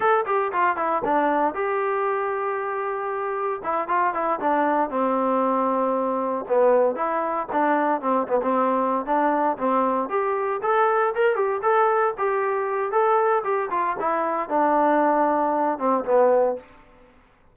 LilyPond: \new Staff \with { instrumentName = "trombone" } { \time 4/4 \tempo 4 = 116 a'8 g'8 f'8 e'8 d'4 g'4~ | g'2. e'8 f'8 | e'8 d'4 c'2~ c'8~ | c'8 b4 e'4 d'4 c'8 |
b16 c'4~ c'16 d'4 c'4 g'8~ | g'8 a'4 ais'8 g'8 a'4 g'8~ | g'4 a'4 g'8 f'8 e'4 | d'2~ d'8 c'8 b4 | }